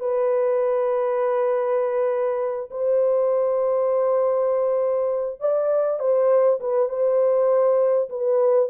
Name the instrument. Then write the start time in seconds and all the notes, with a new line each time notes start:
horn
0.00 B4
2.71 C5
5.40 D5
5.99 C5
6.60 B4
6.89 C5
8.09 B4